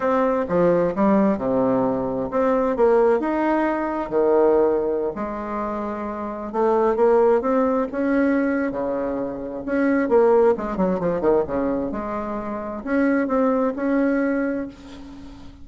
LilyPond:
\new Staff \with { instrumentName = "bassoon" } { \time 4/4 \tempo 4 = 131 c'4 f4 g4 c4~ | c4 c'4 ais4 dis'4~ | dis'4 dis2~ dis16 gis8.~ | gis2~ gis16 a4 ais8.~ |
ais16 c'4 cis'4.~ cis'16 cis4~ | cis4 cis'4 ais4 gis8 fis8 | f8 dis8 cis4 gis2 | cis'4 c'4 cis'2 | }